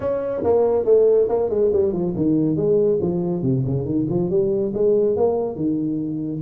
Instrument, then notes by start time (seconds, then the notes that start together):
tuba
0.00 C#4
0.43 A#3
0.85 A3
1.29 A#3
1.49 G#3
1.72 G3
1.92 F3
2.15 D#3
2.56 G#3
3.01 F3
3.42 C3
3.65 C#3
3.85 D#3
4.09 F3
4.30 G3
4.74 G#3
5.16 A#3
5.55 D#3